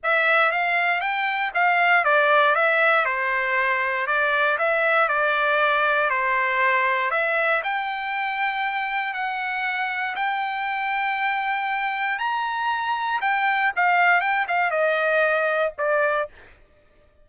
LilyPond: \new Staff \with { instrumentName = "trumpet" } { \time 4/4 \tempo 4 = 118 e''4 f''4 g''4 f''4 | d''4 e''4 c''2 | d''4 e''4 d''2 | c''2 e''4 g''4~ |
g''2 fis''2 | g''1 | ais''2 g''4 f''4 | g''8 f''8 dis''2 d''4 | }